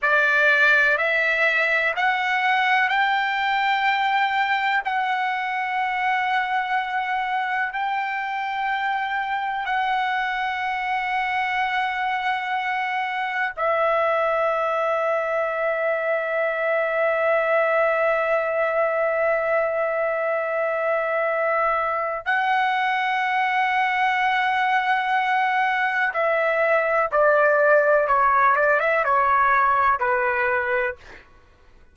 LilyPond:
\new Staff \with { instrumentName = "trumpet" } { \time 4/4 \tempo 4 = 62 d''4 e''4 fis''4 g''4~ | g''4 fis''2. | g''2 fis''2~ | fis''2 e''2~ |
e''1~ | e''2. fis''4~ | fis''2. e''4 | d''4 cis''8 d''16 e''16 cis''4 b'4 | }